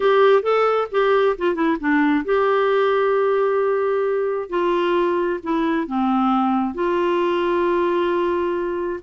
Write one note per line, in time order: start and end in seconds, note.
0.00 0.42 G4
0.42 0.87 A4
0.91 1.36 G4
1.38 1.54 F4
1.54 1.77 E4
1.80 2.25 D4
2.25 4.49 G4
4.49 5.40 F4
5.43 5.87 E4
5.87 6.74 C4
6.74 9.00 F4